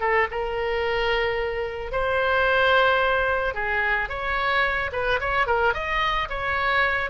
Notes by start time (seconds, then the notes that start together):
0.00 A4
0.31 A#4
1.92 C5
3.54 G#4
4.09 C#5
4.92 B4
5.20 C#5
5.46 A#4
5.74 D#5
6.29 C#5